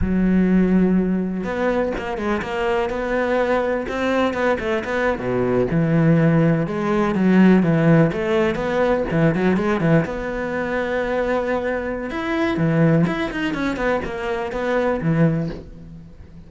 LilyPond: \new Staff \with { instrumentName = "cello" } { \time 4/4 \tempo 4 = 124 fis2. b4 | ais8 gis8 ais4 b2 | c'4 b8 a8 b8. b,4 e16~ | e4.~ e16 gis4 fis4 e16~ |
e8. a4 b4 e8 fis8 gis16~ | gis16 e8 b2.~ b16~ | b4 e'4 e4 e'8 dis'8 | cis'8 b8 ais4 b4 e4 | }